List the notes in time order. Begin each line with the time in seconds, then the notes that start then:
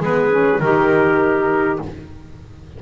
0.00 G#3 B3 G#4 B4
0.31 C#4
0.61 D#3 D#4 G4 A#4